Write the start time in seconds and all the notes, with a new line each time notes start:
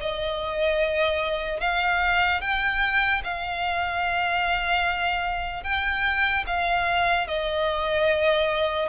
0.00 D#5
1.60 F5
2.41 G5
3.24 F5
5.63 G5
6.46 F5
7.27 D#5